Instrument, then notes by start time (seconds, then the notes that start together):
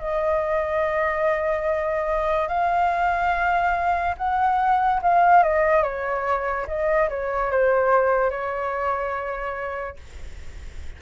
flute
0.00 D#5
2.48 F5
4.17 F#5
5.03 F5
5.44 D#5
5.83 C#5
6.68 D#5
7.10 C#5
7.51 C5
8.30 C#5